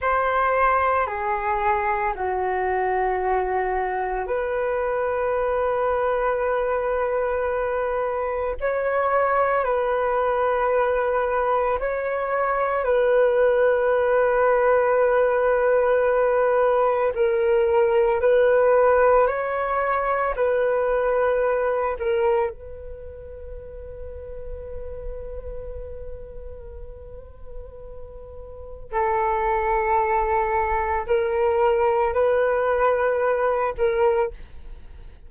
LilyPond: \new Staff \with { instrumentName = "flute" } { \time 4/4 \tempo 4 = 56 c''4 gis'4 fis'2 | b'1 | cis''4 b'2 cis''4 | b'1 |
ais'4 b'4 cis''4 b'4~ | b'8 ais'8 b'2.~ | b'2. a'4~ | a'4 ais'4 b'4. ais'8 | }